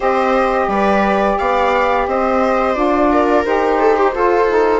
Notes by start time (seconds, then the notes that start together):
0.00 C4 G4 C5 D#5
0.67 G3 B4 D5
1.38 B3 D5 F5
2.07 C4 C5 D#5
2.74 D4 F4 D5
3.12 A#4
3.44 D#4 G4 C5
3.79 A4
3.96 G4
4.12 F4 A4
4.48 D#4